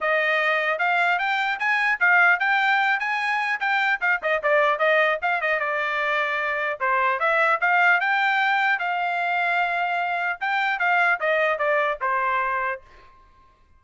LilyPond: \new Staff \with { instrumentName = "trumpet" } { \time 4/4 \tempo 4 = 150 dis''2 f''4 g''4 | gis''4 f''4 g''4. gis''8~ | gis''4 g''4 f''8 dis''8 d''4 | dis''4 f''8 dis''8 d''2~ |
d''4 c''4 e''4 f''4 | g''2 f''2~ | f''2 g''4 f''4 | dis''4 d''4 c''2 | }